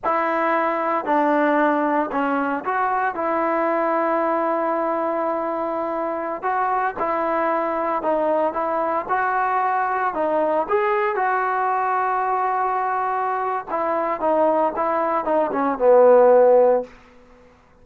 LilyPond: \new Staff \with { instrumentName = "trombone" } { \time 4/4 \tempo 4 = 114 e'2 d'2 | cis'4 fis'4 e'2~ | e'1~ | e'16 fis'4 e'2 dis'8.~ |
dis'16 e'4 fis'2 dis'8.~ | dis'16 gis'4 fis'2~ fis'8.~ | fis'2 e'4 dis'4 | e'4 dis'8 cis'8 b2 | }